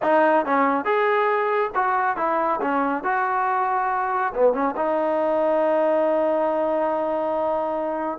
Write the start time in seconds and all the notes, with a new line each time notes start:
0.02 D#4
0.45 C#4
0.84 G#4
1.74 F#4
2.16 E4
2.61 C#4
3.03 F#4
4.34 B3
4.53 C#4
4.76 D#4